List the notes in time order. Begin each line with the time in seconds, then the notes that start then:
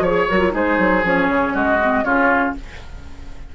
0.00 F3 C#5
0.06 G#4
0.29 F#3 F#4 A#4
0.39 F4
0.51 G#3 D#4 G#4 C5
0.78 F#3
1.04 F3 C#4 C#5
1.29 C#3
1.53 G#3 F#4 D#5
1.81 C4
2.04 C#3 C#4 F4 C#5